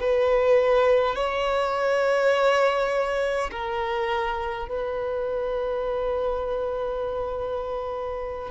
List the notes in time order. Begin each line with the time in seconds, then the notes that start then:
0.00 B4
1.15 C#5
3.51 A#4
4.68 B4